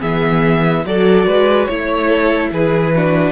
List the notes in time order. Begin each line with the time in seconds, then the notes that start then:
0.00 E3 B3 G#4 E5
0.85 F#3 F#4 A4 D5
1.26 G#3 B4
1.66 A3 E4 C#5
2.09 A4
2.51 E3 G#4 B4
2.95 D4 F#4